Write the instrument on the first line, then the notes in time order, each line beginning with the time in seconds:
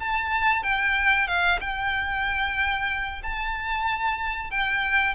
violin
0.00 A5
0.64 G5
1.28 F5
1.61 G5
3.23 A5
4.51 G5